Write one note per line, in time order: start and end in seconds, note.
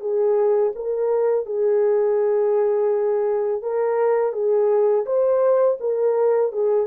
0.00 0.72 G#4
0.75 1.46 A#4
1.46 3.62 G#4
3.62 4.32 A#4
4.32 5.05 G#4
5.05 5.78 C5
5.80 6.52 A#4
6.52 6.86 G#4